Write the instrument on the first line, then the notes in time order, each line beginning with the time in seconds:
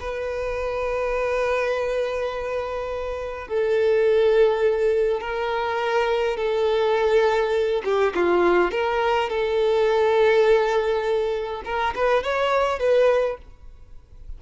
violin
0.00 B4
3.48 A4
5.21 A#4
6.37 A4
7.84 G4
8.15 F4
8.71 A#4
9.29 A4
11.65 A#4
11.95 B4
12.23 C#5
12.79 B4